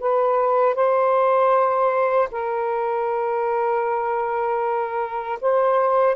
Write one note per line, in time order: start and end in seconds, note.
0.00 0.75 B4
0.75 2.29 C5
2.31 5.39 A#4
5.41 6.16 C5